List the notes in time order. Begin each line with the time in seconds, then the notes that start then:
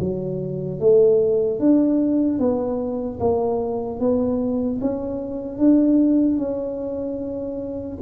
0.00 F#3
0.80 A3
1.60 D4
2.39 B3
3.20 A#3
4.00 B3
4.81 C#4
5.58 D4
6.38 C#4